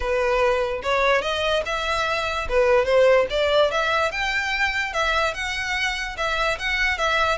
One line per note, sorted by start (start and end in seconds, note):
0.00 0.82 B4
0.82 1.21 C#5
1.21 1.62 D#5
1.65 2.48 E5
2.48 2.85 B4
2.85 3.26 C5
3.30 3.71 D5
3.71 4.11 E5
4.11 4.93 G5
4.93 5.34 E5
5.34 6.16 F#5
6.17 6.58 E5
6.59 6.98 F#5
6.98 7.38 E5